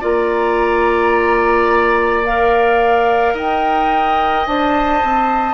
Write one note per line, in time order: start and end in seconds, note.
0.00 3.33 A#3
0.00 2.23 F4
0.00 3.33 D5
0.00 2.24 A#5
2.24 4.46 A#4
2.24 3.35 F5
3.33 4.44 D#4
3.33 5.53 D#5
3.33 4.46 G5
4.46 5.02 D4
4.46 5.53 C5
4.46 5.53 A5
5.03 5.53 C4